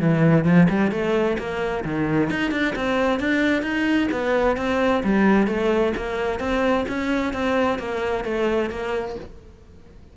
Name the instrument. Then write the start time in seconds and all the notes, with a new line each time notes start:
cello
0.00 E3
0.45 F3
0.69 G3
0.91 A3
1.38 A#3
1.84 D#3
2.30 D#4
2.51 D4
2.76 C4
3.20 D4
3.62 D#4
4.12 B3
4.57 C4
5.04 G3
5.47 A3
5.97 A#3
6.39 C4
6.88 C#4
7.33 C4
7.79 A#3
8.24 A3
8.70 A#3